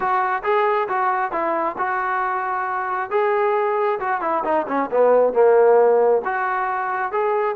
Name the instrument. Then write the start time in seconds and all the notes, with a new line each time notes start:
trombone
0.00 F#4
0.43 G#4
0.88 F#4
1.31 E4
1.78 F#4
3.10 G#4
3.99 F#4
4.21 E4
4.44 D#4
4.67 C#4
4.91 B3
5.33 A#3
6.24 F#4
7.12 G#4